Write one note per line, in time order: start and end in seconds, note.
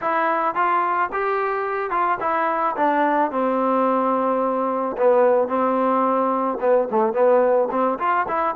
0.01 0.54 E4
0.54 1.09 F4
1.12 1.90 G4
1.90 2.17 F4
2.20 2.75 E4
2.76 3.31 D4
3.31 4.96 C4
4.97 5.48 B3
5.48 6.58 C4
6.60 6.88 B3
6.90 7.13 A3
7.13 7.68 B3
7.70 7.98 C4
7.98 8.26 F4
8.27 8.55 E4